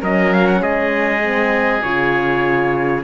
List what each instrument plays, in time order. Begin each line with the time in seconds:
0.00 cello F#3, horn C#4, oboe A#4, trumpet D#5
0.33 trumpet F5
0.47 trumpet F#5
0.61 cello G#3, oboe G#4, trumpet D#5
1.22 horn C4
1.83 cello C#3, horn F4, trumpet C#5